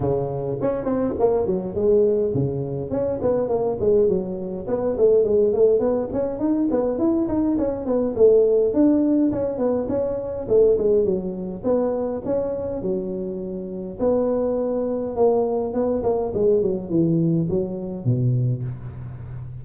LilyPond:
\new Staff \with { instrumentName = "tuba" } { \time 4/4 \tempo 4 = 103 cis4 cis'8 c'8 ais8 fis8 gis4 | cis4 cis'8 b8 ais8 gis8 fis4 | b8 a8 gis8 a8 b8 cis'8 dis'8 b8 | e'8 dis'8 cis'8 b8 a4 d'4 |
cis'8 b8 cis'4 a8 gis8 fis4 | b4 cis'4 fis2 | b2 ais4 b8 ais8 | gis8 fis8 e4 fis4 b,4 | }